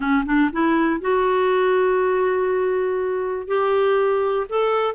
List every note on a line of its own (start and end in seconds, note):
0.00 0.24 C#4
0.25 0.50 D4
0.52 1.00 E4
1.00 3.47 F#4
3.47 4.47 G4
4.49 4.95 A4